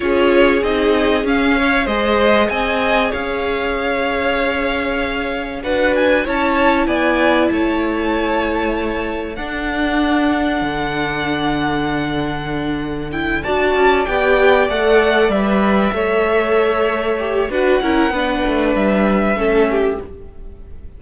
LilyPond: <<
  \new Staff \with { instrumentName = "violin" } { \time 4/4 \tempo 4 = 96 cis''4 dis''4 f''4 dis''4 | gis''4 f''2.~ | f''4 fis''8 gis''8 a''4 gis''4 | a''2. fis''4~ |
fis''1~ | fis''4 g''8 a''4 g''4 fis''8~ | fis''8 e''2.~ e''8 | fis''2 e''2 | }
  \new Staff \with { instrumentName = "violin" } { \time 4/4 gis'2~ gis'8 cis''8 c''4 | dis''4 cis''2.~ | cis''4 b'4 cis''4 d''4 | cis''2. a'4~ |
a'1~ | a'4. d''2~ d''8~ | d''4. cis''2~ cis''8 | b'8 ais'8 b'2 a'8 g'8 | }
  \new Staff \with { instrumentName = "viola" } { \time 4/4 f'4 dis'4 cis'4 gis'4~ | gis'1~ | gis'4 fis'4 e'2~ | e'2. d'4~ |
d'1~ | d'4 e'8 fis'4 g'4 a'8~ | a'8 b'4 a'2 g'8 | fis'8 e'8 d'2 cis'4 | }
  \new Staff \with { instrumentName = "cello" } { \time 4/4 cis'4 c'4 cis'4 gis4 | c'4 cis'2.~ | cis'4 d'4 cis'4 b4 | a2. d'4~ |
d'4 d2.~ | d4. d'8 cis'8 b4 a8~ | a8 g4 a2~ a8 | d'8 cis'8 b8 a8 g4 a4 | }
>>